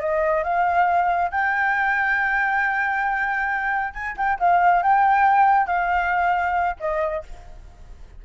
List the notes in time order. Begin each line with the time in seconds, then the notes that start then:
0.00 D#5
0.44 F5
1.31 G5
3.94 G#5
4.17 G5
4.39 F5
4.83 G5
5.67 F5
6.80 D#5